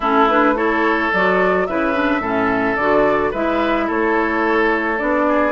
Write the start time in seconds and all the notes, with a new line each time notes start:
0.00 A3 C#4 E4 A4
0.29 D4 B4
0.55 E4 A4 C#5
1.12 F#3 F#4 D5
1.66 C#3 E4 B4 E5
1.93 D4
2.19 A2 C#4 A4
2.76 D3 F#4 D5
3.30 G#3 E4 B4 E5
3.86 A3 A4 C#5
4.97 B3 D4 D5
5.28 G#4